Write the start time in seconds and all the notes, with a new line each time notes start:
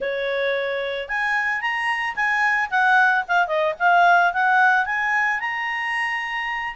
0.00 C#5
1.08 G#5
1.61 A#5
2.15 G#5
2.70 F#5
3.28 F5
3.47 D#5
3.79 F5
4.33 F#5
4.85 G#5
5.40 A#5